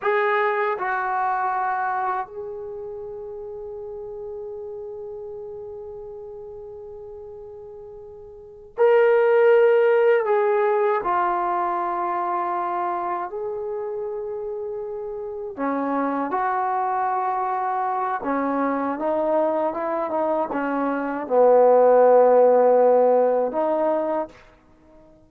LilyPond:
\new Staff \with { instrumentName = "trombone" } { \time 4/4 \tempo 4 = 79 gis'4 fis'2 gis'4~ | gis'1~ | gis'2.~ gis'8 ais'8~ | ais'4. gis'4 f'4.~ |
f'4. gis'2~ gis'8~ | gis'8 cis'4 fis'2~ fis'8 | cis'4 dis'4 e'8 dis'8 cis'4 | b2. dis'4 | }